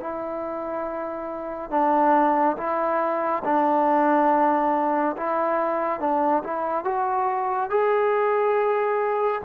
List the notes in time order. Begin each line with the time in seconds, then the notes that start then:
0.00 E4
1.71 D4
2.57 E4
3.45 D4
5.17 E4
6.00 D4
6.44 E4
6.85 F#4
7.70 G#4